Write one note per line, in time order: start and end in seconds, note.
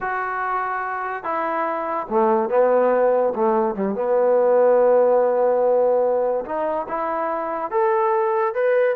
0.00 1.23 F#4
1.23 2.06 E4
2.09 2.49 A3
2.49 3.33 B3
3.35 3.75 A3
3.75 3.94 G3
3.94 6.44 B3
6.45 6.87 D#4
6.88 7.70 E4
7.70 8.54 A4
8.54 8.95 B4